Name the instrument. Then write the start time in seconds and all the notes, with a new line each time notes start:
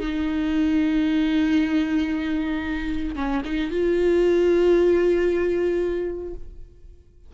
viola
0.00 D#4
3.16 C#4
3.45 D#4
3.71 F4